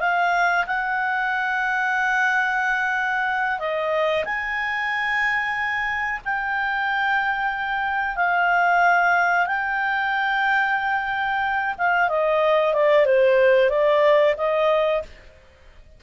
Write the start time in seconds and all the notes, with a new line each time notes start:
0.00 F5
0.67 F#5
3.59 D#5
4.25 G#5
6.25 G5
8.16 F5
9.47 G5
11.78 F5
12.09 D#5
12.74 D5
13.06 C5
13.70 D5
14.37 D#5